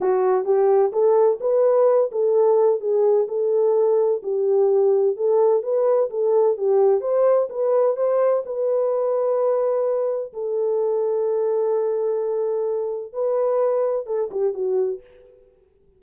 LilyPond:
\new Staff \with { instrumentName = "horn" } { \time 4/4 \tempo 4 = 128 fis'4 g'4 a'4 b'4~ | b'8 a'4. gis'4 a'4~ | a'4 g'2 a'4 | b'4 a'4 g'4 c''4 |
b'4 c''4 b'2~ | b'2 a'2~ | a'1 | b'2 a'8 g'8 fis'4 | }